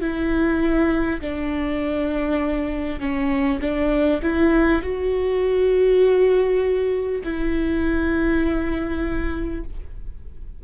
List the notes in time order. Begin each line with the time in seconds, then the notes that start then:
0.00 E4
1.21 D4
2.99 C#4
3.61 D4
4.22 E4
4.82 F#4
7.23 E4